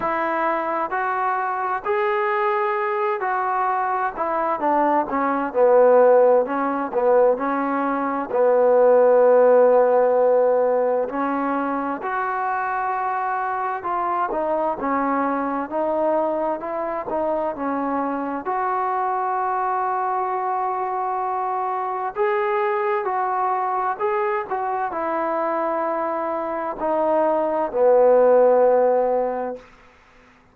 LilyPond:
\new Staff \with { instrumentName = "trombone" } { \time 4/4 \tempo 4 = 65 e'4 fis'4 gis'4. fis'8~ | fis'8 e'8 d'8 cis'8 b4 cis'8 b8 | cis'4 b2. | cis'4 fis'2 f'8 dis'8 |
cis'4 dis'4 e'8 dis'8 cis'4 | fis'1 | gis'4 fis'4 gis'8 fis'8 e'4~ | e'4 dis'4 b2 | }